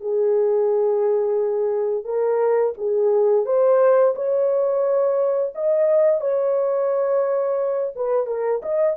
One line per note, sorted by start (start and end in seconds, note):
0.00 2.04 G#4
2.04 2.73 A#4
2.77 3.45 G#4
3.45 4.14 C5
4.15 5.53 C#5
5.54 6.20 D#5
6.20 7.93 C#5
7.95 8.26 B4
8.26 8.61 A#4
8.62 8.96 D#5